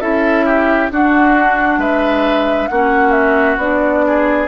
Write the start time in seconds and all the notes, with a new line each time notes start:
0.00 C#4 E4 A4 E5
0.45 G4
0.91 D4 F#4 F#5
1.78 G#3 B4 E5
2.68 A#3 C#4 F#4 F#5
3.11 E5
3.57 B3 D4 D5
4.07 G#4